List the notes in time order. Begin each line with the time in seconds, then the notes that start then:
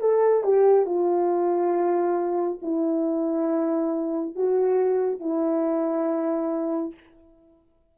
0.00 A4
0.43 G4
0.85 F4
2.62 E4
4.35 F#4
5.19 E4